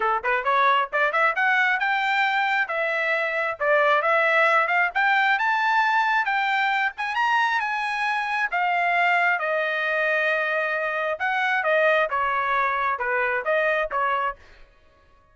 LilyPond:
\new Staff \with { instrumentName = "trumpet" } { \time 4/4 \tempo 4 = 134 a'8 b'8 cis''4 d''8 e''8 fis''4 | g''2 e''2 | d''4 e''4. f''8 g''4 | a''2 g''4. gis''8 |
ais''4 gis''2 f''4~ | f''4 dis''2.~ | dis''4 fis''4 dis''4 cis''4~ | cis''4 b'4 dis''4 cis''4 | }